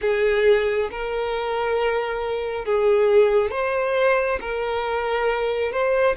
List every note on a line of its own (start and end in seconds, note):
0.01 0.89 G#4
0.91 2.65 A#4
2.65 3.51 G#4
3.51 4.39 C5
4.40 5.72 A#4
5.72 6.16 C5